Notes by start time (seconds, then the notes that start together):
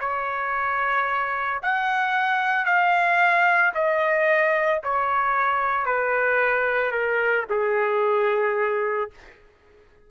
0.00 C#5
1.62 F#5
2.65 F5
3.75 D#5
4.83 C#5
5.85 B4
6.92 A#4
7.50 G#4